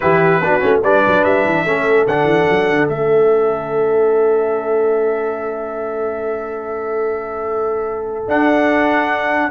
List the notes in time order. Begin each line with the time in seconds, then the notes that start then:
0.00 E3 E4 G4 B4
0.39 B3 D4 F#4
0.60 A3 C#4
0.82 G3 D4 B4 D5
1.07 F#3
1.23 G3 E5
1.44 E3
1.64 A3 C#4 A4
2.06 D3 D4 F#5
2.24 E3
2.49 F#3
2.70 D3
2.88 A3 C#4 E5
8.27 D4 F#5